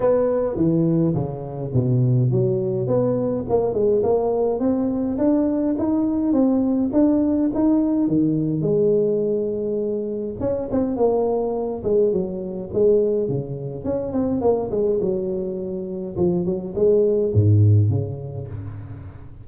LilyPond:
\new Staff \with { instrumentName = "tuba" } { \time 4/4 \tempo 4 = 104 b4 e4 cis4 b,4 | fis4 b4 ais8 gis8 ais4 | c'4 d'4 dis'4 c'4 | d'4 dis'4 dis4 gis4~ |
gis2 cis'8 c'8 ais4~ | ais8 gis8 fis4 gis4 cis4 | cis'8 c'8 ais8 gis8 fis2 | f8 fis8 gis4 gis,4 cis4 | }